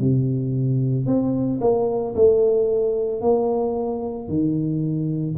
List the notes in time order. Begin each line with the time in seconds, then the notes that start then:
0.00 C3
1.07 C4
1.61 A#3
2.16 A3
3.22 A#3
4.29 D#3